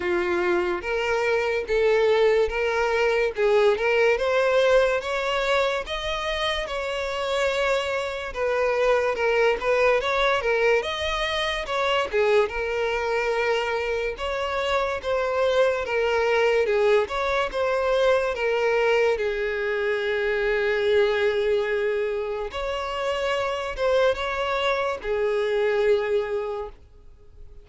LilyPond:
\new Staff \with { instrumentName = "violin" } { \time 4/4 \tempo 4 = 72 f'4 ais'4 a'4 ais'4 | gis'8 ais'8 c''4 cis''4 dis''4 | cis''2 b'4 ais'8 b'8 | cis''8 ais'8 dis''4 cis''8 gis'8 ais'4~ |
ais'4 cis''4 c''4 ais'4 | gis'8 cis''8 c''4 ais'4 gis'4~ | gis'2. cis''4~ | cis''8 c''8 cis''4 gis'2 | }